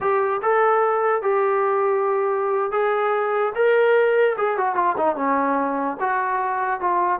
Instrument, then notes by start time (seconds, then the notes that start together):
trombone
0.00 G4
0.42 A4
1.21 G4
2.71 G#4
3.55 A#4
4.37 G#4
4.57 F#4
4.75 F4
4.97 D#4
5.16 C#4
5.99 F#4
6.80 F4